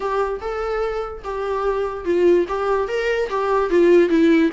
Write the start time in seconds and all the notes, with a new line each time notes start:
0.00 G4
0.40 A4
1.24 G4
2.04 F4
2.48 G4
2.88 A#4
3.29 G4
3.69 F4
4.09 E4